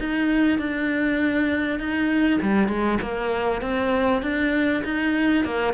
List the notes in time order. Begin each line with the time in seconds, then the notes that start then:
0.00 D#4
0.59 D4
1.80 D#4
2.42 G3
2.69 G#3
3.02 A#3
3.62 C4
4.23 D4
4.85 D#4
5.45 A#3